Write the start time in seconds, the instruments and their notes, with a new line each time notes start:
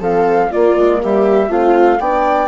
0.00 bassoon F3, horn C4, viola A4, flute F5
0.50 horn A#3, bassoon A#3, viola F4, flute D5
0.77 bassoon G#3
1.03 bassoon G3, viola G4, flute E5
1.49 bassoon A3, horn C4, viola F4, flute F5
2.00 bassoon B3, horn D4, viola D5, flute G5